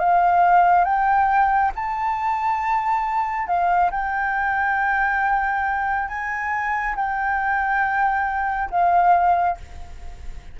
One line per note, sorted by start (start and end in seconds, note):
0.00 0.85 F5
0.85 1.72 G5
1.75 3.47 A5
3.47 3.91 F5
3.91 6.09 G5
6.09 6.96 G#5
6.96 8.70 G5
8.71 9.58 F5